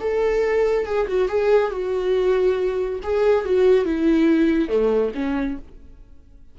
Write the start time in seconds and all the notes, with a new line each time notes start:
0.00 A4
0.86 G#4
1.07 F#4
1.28 G#4
1.71 F#4
3.03 G#4
3.45 F#4
3.85 E4
4.69 A3
5.15 C#4